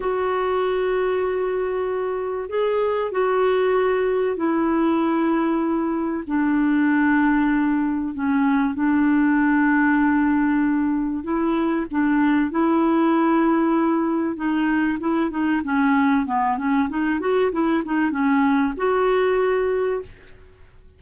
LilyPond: \new Staff \with { instrumentName = "clarinet" } { \time 4/4 \tempo 4 = 96 fis'1 | gis'4 fis'2 e'4~ | e'2 d'2~ | d'4 cis'4 d'2~ |
d'2 e'4 d'4 | e'2. dis'4 | e'8 dis'8 cis'4 b8 cis'8 dis'8 fis'8 | e'8 dis'8 cis'4 fis'2 | }